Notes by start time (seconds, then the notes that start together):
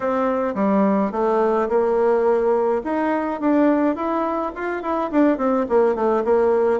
0.00 C4
0.55 G3
1.11 A3
1.68 A#3
2.84 D#4
3.40 D4
3.95 E4
4.55 F4
4.82 E4
5.11 D4
5.37 C4
5.68 A#3
5.95 A3
6.24 A#3